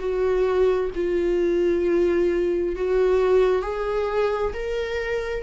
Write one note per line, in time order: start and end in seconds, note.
0.00 0.91 F#4
0.95 2.76 F4
2.76 3.62 F#4
3.62 4.53 G#4
4.54 5.43 A#4